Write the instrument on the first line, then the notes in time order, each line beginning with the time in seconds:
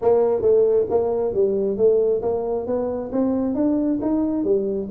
tuba
0.01 A#3
0.41 A3
0.89 A#3
1.34 G3
1.77 A3
2.22 A#3
2.66 B3
3.12 C4
3.54 D4
4.01 D#4
4.43 G3